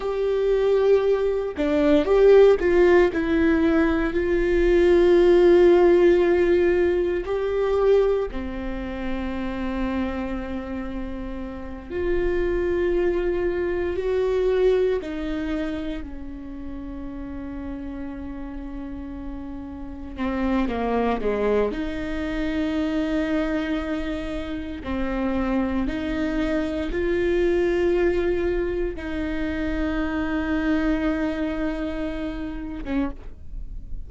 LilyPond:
\new Staff \with { instrumentName = "viola" } { \time 4/4 \tempo 4 = 58 g'4. d'8 g'8 f'8 e'4 | f'2. g'4 | c'2.~ c'8 f'8~ | f'4. fis'4 dis'4 cis'8~ |
cis'2.~ cis'8 c'8 | ais8 gis8 dis'2. | c'4 dis'4 f'2 | dis'2.~ dis'8. cis'16 | }